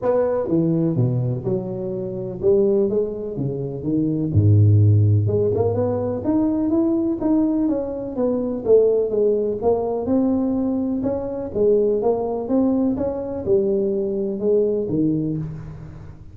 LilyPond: \new Staff \with { instrumentName = "tuba" } { \time 4/4 \tempo 4 = 125 b4 e4 b,4 fis4~ | fis4 g4 gis4 cis4 | dis4 gis,2 gis8 ais8 | b4 dis'4 e'4 dis'4 |
cis'4 b4 a4 gis4 | ais4 c'2 cis'4 | gis4 ais4 c'4 cis'4 | g2 gis4 dis4 | }